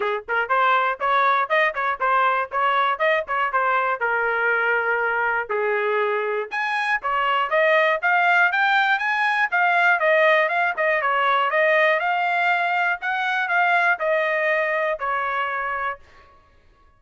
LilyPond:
\new Staff \with { instrumentName = "trumpet" } { \time 4/4 \tempo 4 = 120 gis'8 ais'8 c''4 cis''4 dis''8 cis''8 | c''4 cis''4 dis''8 cis''8 c''4 | ais'2. gis'4~ | gis'4 gis''4 cis''4 dis''4 |
f''4 g''4 gis''4 f''4 | dis''4 f''8 dis''8 cis''4 dis''4 | f''2 fis''4 f''4 | dis''2 cis''2 | }